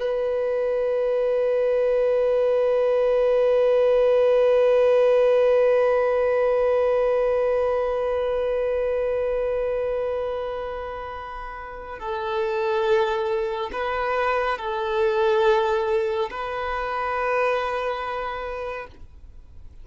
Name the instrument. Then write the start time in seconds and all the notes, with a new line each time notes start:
violin
0.00 B4
12.00 A4
13.73 B4
14.59 A4
16.31 B4